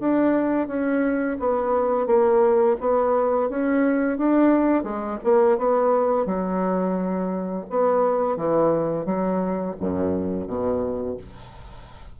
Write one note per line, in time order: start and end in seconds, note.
0.00 0.68 D4
0.68 1.38 C#4
1.40 2.07 B3
2.07 2.77 A#3
2.81 3.49 B3
3.49 4.18 C#4
4.18 4.84 D4
4.84 5.18 G#3
5.24 5.58 A#3
5.58 6.26 B3
6.26 7.66 F#3
7.70 8.37 B3
8.37 9.05 E3
9.05 9.75 F#3
9.80 10.48 F#2
10.48 11.18 B2